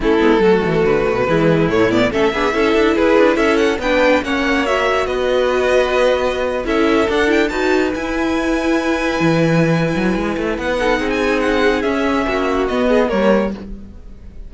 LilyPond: <<
  \new Staff \with { instrumentName = "violin" } { \time 4/4 \tempo 4 = 142 a'2 b'2 | cis''8 d''8 e''2 b'4 | e''8 fis''8 g''4 fis''4 e''4 | dis''2.~ dis''8. e''16~ |
e''8. fis''8 g''8 a''4 gis''4~ gis''16~ | gis''1~ | gis''4 fis''4~ fis''16 gis''8. fis''4 | e''2 dis''4 cis''4 | }
  \new Staff \with { instrumentName = "violin" } { \time 4/4 e'4 fis'2 e'4~ | e'4 a'8 gis'8 a'4 gis'4 | a'4 b'4 cis''2 | b'2.~ b'8. a'16~ |
a'4.~ a'16 b'2~ b'16~ | b'1~ | b'4. a'8 gis'2~ | gis'4 fis'4. gis'8 ais'4 | }
  \new Staff \with { instrumentName = "viola" } { \time 4/4 cis'8 b8 a2 gis4 | a8 b8 cis'8 d'8 e'2~ | e'4 d'4 cis'4 fis'4~ | fis'2.~ fis'8. e'16~ |
e'8. d'8 e'8 fis'4 e'4~ e'16~ | e'1~ | e'4. dis'2~ dis'8 | cis'2 b4 ais4 | }
  \new Staff \with { instrumentName = "cello" } { \time 4/4 a8 gis8 fis8 e8 d8 b,8 e4 | a,4 a8 b8 cis'8 d'8 e'8 d'8 | cis'4 b4 ais2 | b2.~ b8. cis'16~ |
cis'8. d'4 dis'4 e'4~ e'16~ | e'4.~ e'16 e4.~ e16 fis8 | gis8 a8 b4 c'2 | cis'4 ais4 b4 g4 | }
>>